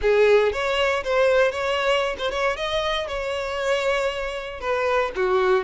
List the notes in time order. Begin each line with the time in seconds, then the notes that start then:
0.01 G#4
0.52 C#5
1.04 C5
1.51 C#5
2.18 C5
2.31 C#5
2.56 D#5
3.07 C#5
4.60 B4
5.15 F#4